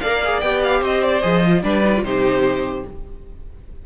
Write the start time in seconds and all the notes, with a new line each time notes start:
0.00 A#3 A#4 D5 F5
0.23 G#4
0.40 B3 G4 G5
0.63 F5
0.80 C4 C5 D#5
1.03 D5
1.22 F3 G#4 D#5
1.45 F4
1.62 G3 D4 B4 D5
1.84 D#4
1.96 F4
2.02 C3 D#4 G4 C5